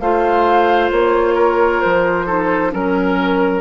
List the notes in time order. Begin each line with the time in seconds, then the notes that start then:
0.00 A3 F4 C5 F5
0.91 A#3 C#5
1.35 A#4
1.81 F3 C5
2.26 D#4 A4
2.71 F#3 C#4 A#4